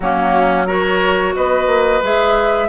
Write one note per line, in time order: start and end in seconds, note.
0.00 1.35 F#3
0.00 0.67 A#3
0.00 0.66 C#4
0.00 0.66 F#4
0.66 2.02 F#4
0.66 1.34 A#4
0.66 1.35 C#5
1.35 1.66 B3
1.35 2.68 B4
1.35 2.03 D#5
1.66 2.00 A#3
2.01 2.68 G#3
2.01 2.68 G#4
2.01 2.68 E5